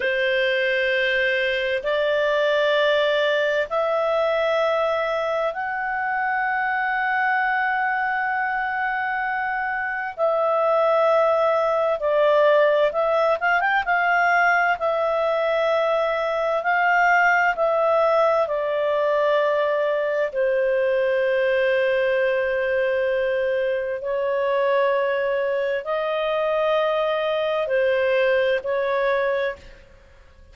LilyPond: \new Staff \with { instrumentName = "clarinet" } { \time 4/4 \tempo 4 = 65 c''2 d''2 | e''2 fis''2~ | fis''2. e''4~ | e''4 d''4 e''8 f''16 g''16 f''4 |
e''2 f''4 e''4 | d''2 c''2~ | c''2 cis''2 | dis''2 c''4 cis''4 | }